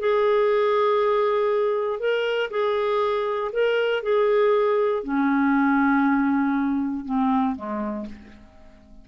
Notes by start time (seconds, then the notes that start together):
0.00 G#4
2.00 A#4
2.50 G#4
3.52 A#4
4.03 G#4
5.04 C#4
7.05 C4
7.56 G#3